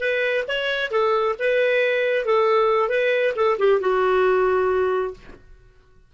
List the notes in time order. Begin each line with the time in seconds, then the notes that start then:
0.00 B4
0.48 C#5
0.91 A4
1.39 B4
2.26 A4
2.89 B4
3.36 A4
3.59 G4
3.81 F#4